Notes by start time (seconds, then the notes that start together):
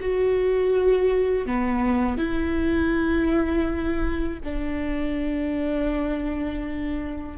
0.00 F#4
1.45 B3
2.17 E4
4.44 D4